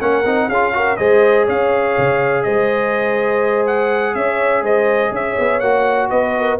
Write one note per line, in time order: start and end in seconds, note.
0.00 0.25 A#3
0.00 0.25 C#4
0.00 0.48 A#4
0.00 0.49 F#5
0.25 0.48 C4
0.25 0.50 D#4
0.48 0.97 C#4
0.48 0.73 F4
0.48 0.72 G#4
0.48 0.96 F5
0.73 0.97 F#4
0.73 0.99 A#4
0.96 1.48 G#3
0.96 5.62 G#4
0.96 1.46 C5
0.96 1.45 D#5
1.46 1.97 C#4
1.46 2.43 C#5
1.46 2.43 F5
1.98 2.46 C#3
2.43 4.15 G#3
2.43 4.16 C5
2.43 3.65 D#5
3.66 4.15 F#5
4.15 4.62 C#4
4.15 4.62 C#5
4.15 4.63 E5
4.62 5.11 G#3
4.62 5.11 C5
4.62 5.14 D#5
5.11 5.35 C#4
5.11 6.09 C#5
5.11 5.60 E5
5.39 5.61 B3
5.60 6.10 A#3
5.60 6.59 F#4
5.60 6.08 F#5
6.09 6.59 B3
6.09 6.34 B4
6.09 6.58 D#5
6.38 6.59 A#4